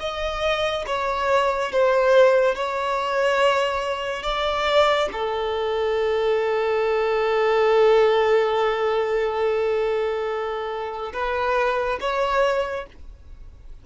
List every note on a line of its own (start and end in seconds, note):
0.00 0.86 D#5
0.87 1.73 C#5
1.73 2.56 C5
2.56 4.24 C#5
4.24 5.09 D5
5.13 11.13 A4
11.14 11.99 B4
12.01 12.86 C#5